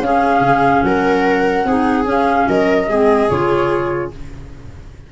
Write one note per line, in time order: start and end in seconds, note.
0.00 0.41 C#4
0.00 1.66 C#4
0.00 0.86 G#4
0.00 0.83 F5
0.41 0.81 C#3
0.83 1.65 F#3
0.83 1.67 A#4
0.83 2.05 F#5
1.65 2.05 C4
1.65 2.05 D#4
1.65 2.49 G#4
2.05 2.86 C#4
2.05 2.46 C#4
2.11 2.49 F5
2.48 2.88 F#3
2.48 2.90 A#4
2.48 3.30 D#5
2.88 3.29 G#3
2.88 3.30 C4
2.88 4.12 G#4
3.30 4.12 C#3
3.30 4.11 F4
3.30 4.11 C#5